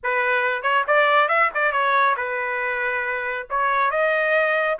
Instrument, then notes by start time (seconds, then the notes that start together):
trumpet
0.03 B4
0.62 C#5
0.87 D5
1.28 E5
1.54 D5
1.72 C#5
2.16 B4
3.50 C#5
3.90 D#5